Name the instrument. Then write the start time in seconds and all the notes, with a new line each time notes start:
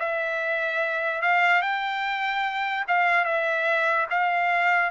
trumpet
0.00 E5
1.23 F5
1.62 G5
2.88 F5
3.25 E5
4.11 F5